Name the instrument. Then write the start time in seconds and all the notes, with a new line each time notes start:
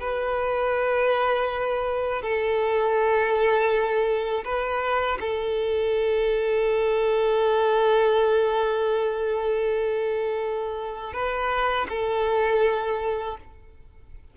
violin
0.00 B4
2.22 A4
4.44 B4
5.21 A4
11.13 B4
11.89 A4